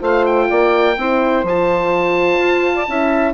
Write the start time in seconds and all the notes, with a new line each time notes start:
0.00 A3 F4 C5 F5
0.26 G5
0.49 A#3 D5
0.98 C4 E4 C5
1.44 F3 F4 A5
2.40 F4
2.75 D5
2.88 C#4 E4 E5